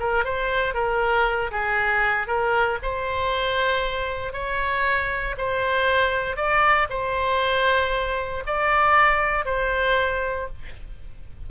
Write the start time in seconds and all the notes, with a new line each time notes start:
0.00 A#4
0.25 C5
0.74 A#4
1.52 G#4
2.28 A#4
2.83 C5
4.33 C#5
5.38 C5
6.37 D5
6.90 C5
8.47 D5
9.46 C5